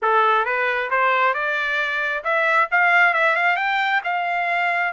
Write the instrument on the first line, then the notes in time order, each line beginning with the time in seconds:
trumpet
0.02 A4
0.45 B4
0.90 C5
1.34 D5
2.23 E5
2.71 F5
3.13 E5
3.36 F5
3.56 G5
4.03 F5